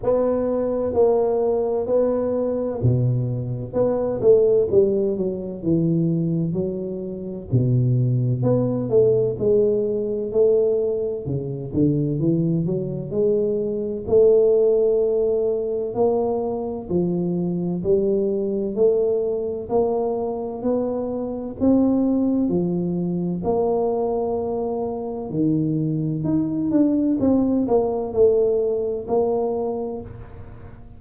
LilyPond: \new Staff \with { instrumentName = "tuba" } { \time 4/4 \tempo 4 = 64 b4 ais4 b4 b,4 | b8 a8 g8 fis8 e4 fis4 | b,4 b8 a8 gis4 a4 | cis8 d8 e8 fis8 gis4 a4~ |
a4 ais4 f4 g4 | a4 ais4 b4 c'4 | f4 ais2 dis4 | dis'8 d'8 c'8 ais8 a4 ais4 | }